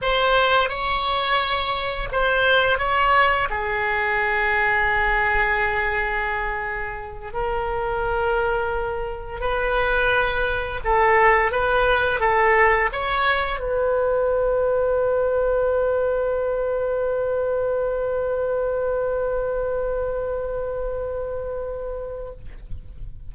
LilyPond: \new Staff \with { instrumentName = "oboe" } { \time 4/4 \tempo 4 = 86 c''4 cis''2 c''4 | cis''4 gis'2.~ | gis'2~ gis'8 ais'4.~ | ais'4. b'2 a'8~ |
a'8 b'4 a'4 cis''4 b'8~ | b'1~ | b'1~ | b'1 | }